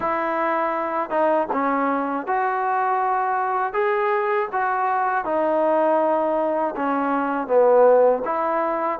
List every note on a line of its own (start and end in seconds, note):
0.00 1.10 E4
1.10 1.47 D#4
1.52 2.27 C#4
2.27 3.73 F#4
3.73 4.48 G#4
4.52 5.25 F#4
5.25 6.75 D#4
6.75 7.47 C#4
7.47 8.22 B3
8.24 8.99 E4